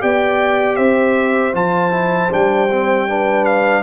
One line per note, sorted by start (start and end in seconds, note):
0.00 0.78 B3
0.00 1.54 G4
0.00 0.77 D5
0.00 0.76 G5
0.76 1.54 C4
0.76 3.07 C5
0.76 1.53 E5
1.54 2.30 F3
1.54 1.91 F4
1.54 2.33 A5
1.91 2.29 E4
2.30 3.83 G3
2.30 2.69 D4
2.30 3.45 G5
2.71 3.08 C4
3.08 3.83 D4
3.08 3.83 B4
3.45 3.83 F5